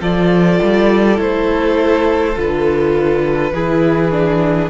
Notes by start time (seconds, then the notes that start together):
0.00 F3 F4 A4 D5
0.62 G3
1.17 A3 E4 C5
2.35 D3 F4 B4
3.52 E3 E4 G#4
4.12 D4